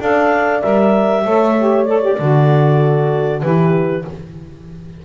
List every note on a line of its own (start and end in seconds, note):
0.00 0.62 D4
0.00 0.62 A4
0.00 1.25 D5
0.00 0.62 F5
0.62 1.25 G3
0.62 1.24 A#4
0.62 1.85 E5
1.24 2.19 A3
1.24 1.55 A4
1.24 2.19 C#5
1.59 1.88 G4
1.85 2.02 A4
1.85 3.41 D5
2.02 2.17 G4
2.19 3.42 D3
2.19 3.42 F#4
2.19 3.42 A4
3.42 4.05 E3
3.42 4.05 E4
3.42 4.05 G4
3.42 4.05 B4